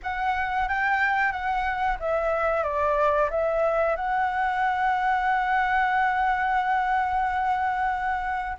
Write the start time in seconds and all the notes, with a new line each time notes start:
0.02 F#5
0.68 G5
1.32 F#5
1.99 E5
2.63 D5
3.30 E5
3.96 F#5